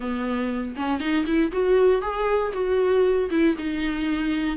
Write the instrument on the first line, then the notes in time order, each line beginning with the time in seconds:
viola
0.00 B3
0.76 C#4
0.99 D#4
1.26 E4
1.51 F#4
2.01 G#4
2.53 F#4
3.30 E4
3.57 D#4